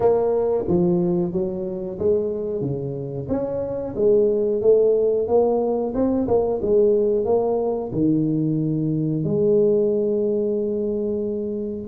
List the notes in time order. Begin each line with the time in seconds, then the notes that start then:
0.00 A#3
0.67 F3
1.32 F#3
1.98 G#3
2.61 C#3
3.28 C#4
3.95 G#3
4.61 A3
5.27 A#3
5.94 C4
6.27 A#3
6.61 G#3
7.25 A#3
7.92 D#3
9.23 G#3